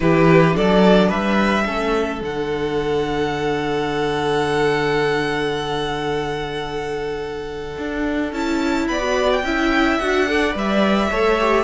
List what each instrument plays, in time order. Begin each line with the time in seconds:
0.00 cello E3, viola E4, violin G4 B4
0.52 cello F#3, viola D4, violin A4 D5
1.08 cello G3, violin B4 E5
1.65 cello A3, viola C#4, violin A4
2.21 cello D3, viola D4, violin F#5
7.78 cello D4
8.32 cello C#4, viola E4, violin A5
8.87 cello B3, violin D5 B5
9.00 viola F#4
9.32 violin G5
9.43 cello C#4, viola E4, violin E5
9.98 cello D4, viola F#4, violin F#5
10.27 viola A4, violin D5
10.51 cello G3, viola B4
10.58 violin E5
11.11 cello A3, viola A4, violin C#5
11.40 viola G4